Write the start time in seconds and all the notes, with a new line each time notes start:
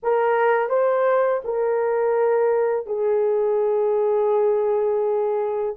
0.02 A#4
0.69 C5
1.44 A#4
2.86 G#4